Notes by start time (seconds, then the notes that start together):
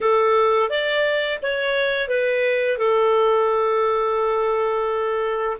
0.00 A4
0.69 D5
1.42 C#5
2.08 B4
2.78 A4